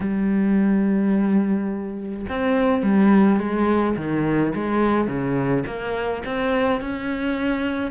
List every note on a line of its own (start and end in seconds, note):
0.00 2.25 G3
2.29 2.83 C4
2.83 3.39 G3
3.39 3.96 G#3
3.96 4.53 D#3
4.55 5.07 G#3
5.07 5.64 C#3
5.66 6.23 A#3
6.25 6.81 C4
6.81 7.91 C#4